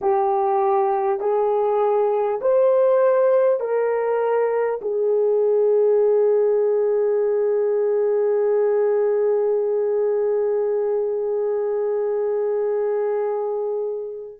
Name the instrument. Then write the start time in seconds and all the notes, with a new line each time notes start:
horn
0.01 G4
1.19 G#4
2.41 C5
3.60 A#4
4.81 G#4